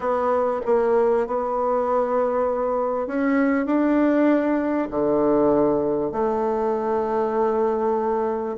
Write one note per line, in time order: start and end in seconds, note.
0.00 0.60 B3
0.65 1.26 A#3
1.27 3.07 B3
3.07 3.65 C#4
3.65 4.88 D4
4.90 6.12 D3
6.12 8.57 A3